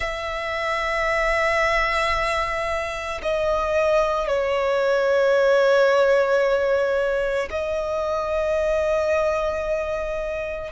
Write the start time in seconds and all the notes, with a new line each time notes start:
0.00 E5
3.22 D#5
4.27 C#5
7.50 D#5